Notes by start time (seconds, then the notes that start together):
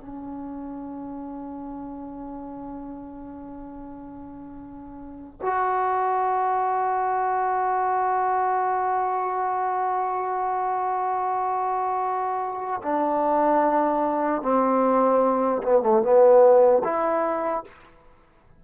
0.00 C#4
5.41 F#4
12.83 D4
14.42 C4
15.63 B3
15.82 A3
16.02 B3
16.84 E4